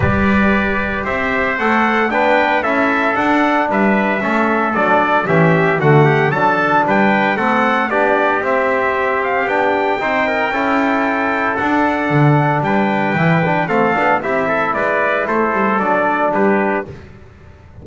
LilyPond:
<<
  \new Staff \with { instrumentName = "trumpet" } { \time 4/4 \tempo 4 = 114 d''2 e''4 fis''4 | g''4 e''4 fis''4 e''4~ | e''4 d''4 e''4 fis''4 | a''4 g''4 fis''4 d''4 |
e''4. f''8 g''2~ | g''2 fis''2 | g''2 f''4 e''4 | d''4 c''4 d''4 b'4 | }
  \new Staff \with { instrumentName = "trumpet" } { \time 4/4 b'2 c''2 | b'4 a'2 b'4 | a'2 g'4 fis'8 g'8 | a'4 b'4 a'4 g'4~ |
g'2. c''8 ais'8 | a'1 | b'2 a'4 g'8 a'8 | b'4 a'2 g'4 | }
  \new Staff \with { instrumentName = "trombone" } { \time 4/4 g'2. a'4 | d'4 e'4 d'2 | cis'4 d'4 cis'4 a4 | d'2 c'4 d'4 |
c'2 d'4 dis'4 | e'2 d'2~ | d'4 e'8 d'8 c'8 d'8 e'4~ | e'2 d'2 | }
  \new Staff \with { instrumentName = "double bass" } { \time 4/4 g2 c'4 a4 | b4 cis'4 d'4 g4 | a4 fis4 e4 d4 | fis4 g4 a4 b4 |
c'2 b4 c'4 | cis'2 d'4 d4 | g4 e4 a8 b8 c'4 | gis4 a8 g8 fis4 g4 | }
>>